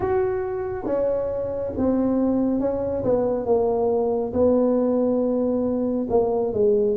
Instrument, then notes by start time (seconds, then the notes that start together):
tuba
0.00 F#4
0.85 C#4
1.77 C4
2.60 C#4
3.04 B3
3.45 A#3
4.33 B3
6.09 A#3
6.53 G#3